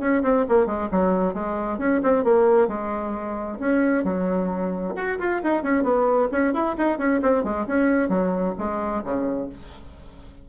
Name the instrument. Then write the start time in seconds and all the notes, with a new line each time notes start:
bassoon
0.00 C#4
0.23 C4
0.49 A#3
0.66 G#3
0.92 F#3
1.34 G#3
1.79 C#4
2.03 C4
2.25 A#3
2.68 G#3
3.60 C#4
4.04 F#3
4.96 F#4
5.20 F4
5.44 D#4
5.63 C#4
5.84 B3
6.32 C#4
6.54 E4
6.78 D#4
6.99 C#4
7.23 C4
7.44 G#3
7.67 C#4
8.09 F#3
8.58 G#3
9.05 C#3